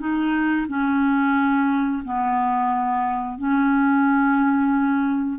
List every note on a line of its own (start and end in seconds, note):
0.00 0.67 D#4
0.69 2.03 C#4
2.05 3.39 B3
3.39 5.40 C#4